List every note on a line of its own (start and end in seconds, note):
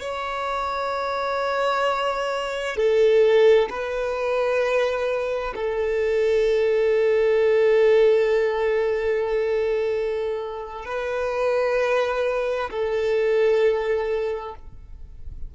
0.00 2.77 C#5
2.77 3.69 A4
3.70 5.54 B4
5.55 10.85 A4
10.85 12.70 B4
12.70 14.55 A4